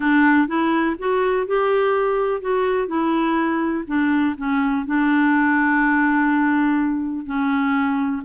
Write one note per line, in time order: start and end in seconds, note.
0.00 0.47 D4
0.47 0.96 E4
0.99 1.46 F#4
1.46 2.41 G4
2.41 2.87 F#4
2.87 3.84 E4
3.87 4.35 D4
4.37 4.85 C#4
4.85 7.25 D4
7.25 8.22 C#4